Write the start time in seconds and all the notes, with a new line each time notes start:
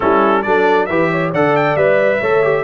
0.00 G3 C#4 E4 A4
0.42 F#3 D4 A4 D5
0.86 E3 G4 B4 E5
1.11 C#5
1.30 D3 A4 D5 F#5
1.56 G5
1.75 G3 B4 E5
2.20 A3 A4 C#5
2.43 G4